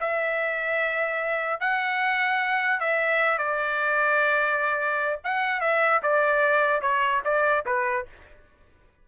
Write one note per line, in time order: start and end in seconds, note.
0.00 1.60 E5
1.60 2.80 F#5
2.80 3.38 E5
3.38 5.19 D5
5.24 5.61 F#5
5.61 6.01 E5
6.03 6.81 D5
6.81 7.22 C#5
7.24 7.65 D5
7.66 8.06 B4